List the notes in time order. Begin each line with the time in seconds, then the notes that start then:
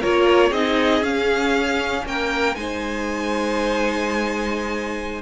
0.00 A#3 F4 A#4 C#5
0.49 C4 D#4 G#4 D#5
1.01 C#4 F5
2.05 A#3 A#4 G5
2.55 G#3 D#4 C5 G#5